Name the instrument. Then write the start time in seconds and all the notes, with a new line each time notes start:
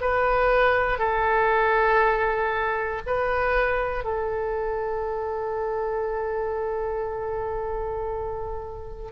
oboe
0.00 B4
0.98 A4
3.06 B4
4.04 A4